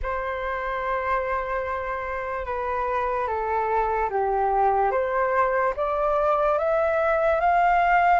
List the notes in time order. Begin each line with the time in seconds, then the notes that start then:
0.02 C5
2.45 B4
3.27 A4
4.10 G4
4.91 C5
5.76 D5
6.58 E5
7.40 F5